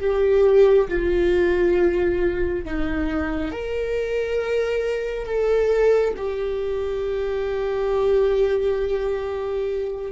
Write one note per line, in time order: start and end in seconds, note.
0.00 0.88 G4
0.89 2.65 F4
2.65 3.52 D#4
3.52 5.26 A#4
5.26 6.14 A4
6.17 10.12 G4